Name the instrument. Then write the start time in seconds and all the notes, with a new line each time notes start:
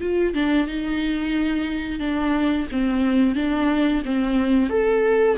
viola
0.00 F4
0.34 D4
0.67 D#4
1.99 D4
2.71 C4
3.35 D4
4.05 C4
4.69 A4